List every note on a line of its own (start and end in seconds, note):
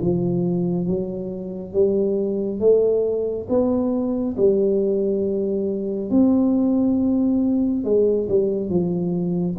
0.00 0.86 F3
0.86 1.73 F#3
1.73 2.60 G3
2.60 3.47 A3
3.49 4.36 B3
4.37 6.10 G3
6.10 7.84 C4
7.84 8.27 G#3
8.28 8.69 G3
8.69 9.56 F3